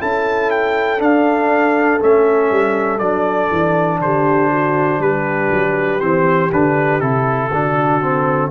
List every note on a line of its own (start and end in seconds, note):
0.00 1.00 C#4
0.00 0.99 E4
0.00 4.00 A4
0.00 0.51 A5
0.51 1.01 G5
0.99 1.99 D4
0.99 2.00 D4
0.99 2.01 F5
2.00 2.51 A3
2.00 3.00 C#4
2.00 2.99 E5
2.51 3.00 G3
2.99 3.50 F#3
2.99 6.00 D4
2.99 3.99 D5
3.51 4.01 E3
4.01 4.99 D3
4.01 4.51 G4
4.01 5.02 C5
4.51 5.01 F#4
4.99 5.49 G3
4.99 7.52 G4
4.99 6.01 B4
5.52 6.02 F#3
6.01 6.52 E3
6.01 6.51 C4
6.01 6.51 C5
6.52 7.00 D3
6.52 7.01 D4
6.52 7.00 B4
7.00 7.50 C3
7.00 7.51 E4
7.00 8.50 A4
7.52 8.51 D3
7.52 8.02 D4
7.52 8.51 F#4
8.02 8.51 C4